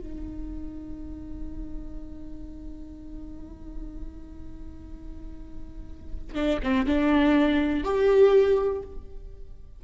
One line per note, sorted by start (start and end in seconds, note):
0.00 6.35 D#4
6.35 6.60 D4
6.63 6.87 C4
6.87 7.85 D4
7.85 8.83 G4